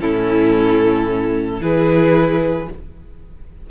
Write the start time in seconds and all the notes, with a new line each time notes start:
0.00 A2 C#4 E4 A4
1.60 E3 E4 G#4 B4